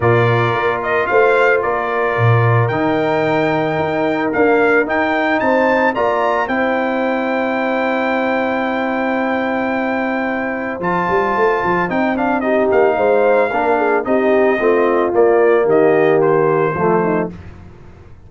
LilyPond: <<
  \new Staff \with { instrumentName = "trumpet" } { \time 4/4 \tempo 4 = 111 d''4. dis''8 f''4 d''4~ | d''4 g''2. | f''4 g''4 a''4 ais''4 | g''1~ |
g''1 | a''2 g''8 f''8 dis''8 f''8~ | f''2 dis''2 | d''4 dis''4 c''2 | }
  \new Staff \with { instrumentName = "horn" } { \time 4/4 ais'2 c''4 ais'4~ | ais'1~ | ais'2 c''4 d''4 | c''1~ |
c''1~ | c''2. g'4 | c''4 ais'8 gis'8 g'4 f'4~ | f'4 g'2 f'8 dis'8 | }
  \new Staff \with { instrumentName = "trombone" } { \time 4/4 f'1~ | f'4 dis'2. | ais4 dis'2 f'4 | e'1~ |
e'1 | f'2 dis'8 d'8 dis'4~ | dis'4 d'4 dis'4 c'4 | ais2. a4 | }
  \new Staff \with { instrumentName = "tuba" } { \time 4/4 ais,4 ais4 a4 ais4 | ais,4 dis2 dis'4 | d'4 dis'4 c'4 ais4 | c'1~ |
c'1 | f8 g8 a8 f8 c'4. ais8 | gis4 ais4 c'4 a4 | ais4 dis2 f4 | }
>>